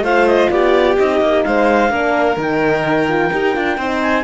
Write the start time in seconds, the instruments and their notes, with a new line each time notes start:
0.00 cello A3, horn F4, violin C5, clarinet F5
0.26 clarinet D#5
0.50 cello B3, violin G4, clarinet D5
0.97 cello C4, horn D#4, clarinet D#5
1.20 cello A#3
1.44 cello G#3, violin C5, clarinet F5
1.89 cello A#3, horn D4, violin A#4
2.36 cello D#3, horn D#4, clarinet G5
3.08 horn F4
3.32 cello D#4, horn G4
3.54 cello D4, horn F4
3.77 cello C4, horn D#4, violin C5
4.02 clarinet G#5